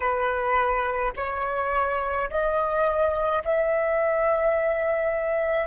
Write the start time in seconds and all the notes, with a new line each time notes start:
0.00 B4
1.16 C#5
2.30 D#5
3.44 E5